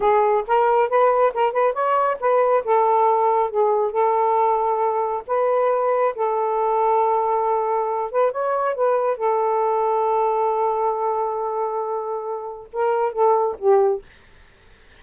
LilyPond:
\new Staff \with { instrumentName = "saxophone" } { \time 4/4 \tempo 4 = 137 gis'4 ais'4 b'4 ais'8 b'8 | cis''4 b'4 a'2 | gis'4 a'2. | b'2 a'2~ |
a'2~ a'8 b'8 cis''4 | b'4 a'2.~ | a'1~ | a'4 ais'4 a'4 g'4 | }